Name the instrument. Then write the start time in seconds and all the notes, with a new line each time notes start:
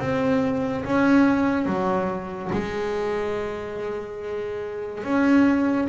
double bass
0.00 C4
0.85 C#4
1.66 F#3
2.53 G#3
5.04 C#4